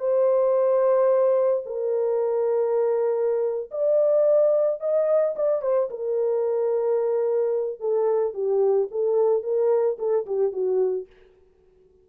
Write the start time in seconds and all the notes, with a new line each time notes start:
0.00 C5
1.66 A#4
3.71 D5
4.80 D#5
5.36 D5
5.62 C5
5.90 A#4
7.80 A4
8.34 G4
8.91 A4
9.43 A#4
9.99 A4
10.26 G4
10.52 F#4